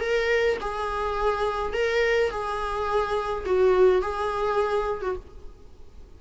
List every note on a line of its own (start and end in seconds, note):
0.00 0.57 A#4
0.61 1.73 G#4
1.73 2.30 A#4
2.30 3.45 G#4
3.46 4.02 F#4
4.02 5.02 G#4
5.02 5.16 F#4